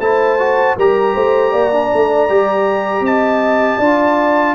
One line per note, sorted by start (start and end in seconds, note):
0.00 0.76 A3
0.00 0.39 E4
0.00 0.77 C5
0.00 0.77 A5
0.39 0.77 F#4
0.77 1.16 G3
0.77 1.72 G4
0.77 1.14 A#4
0.77 3.06 A#5
1.14 1.53 A3
1.14 1.51 C5
1.51 1.91 A#3
1.51 3.03 D5
1.72 2.29 D4
1.94 2.30 A3
2.29 3.01 G3
2.29 3.81 G4
3.01 3.77 C4
3.01 3.78 D#5
3.01 4.56 A5
3.78 4.56 D4
3.78 4.56 F4
3.78 4.54 D5